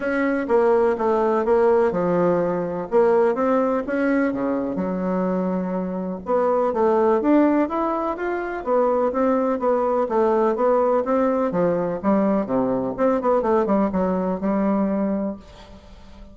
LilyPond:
\new Staff \with { instrumentName = "bassoon" } { \time 4/4 \tempo 4 = 125 cis'4 ais4 a4 ais4 | f2 ais4 c'4 | cis'4 cis4 fis2~ | fis4 b4 a4 d'4 |
e'4 f'4 b4 c'4 | b4 a4 b4 c'4 | f4 g4 c4 c'8 b8 | a8 g8 fis4 g2 | }